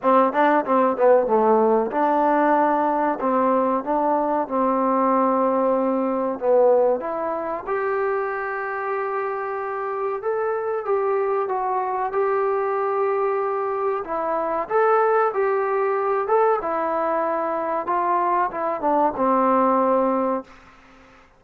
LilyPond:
\new Staff \with { instrumentName = "trombone" } { \time 4/4 \tempo 4 = 94 c'8 d'8 c'8 b8 a4 d'4~ | d'4 c'4 d'4 c'4~ | c'2 b4 e'4 | g'1 |
a'4 g'4 fis'4 g'4~ | g'2 e'4 a'4 | g'4. a'8 e'2 | f'4 e'8 d'8 c'2 | }